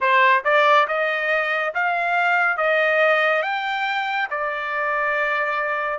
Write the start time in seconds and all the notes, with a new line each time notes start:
0.00 C5
0.44 D5
0.87 D#5
1.74 F5
2.57 D#5
3.42 G5
4.30 D5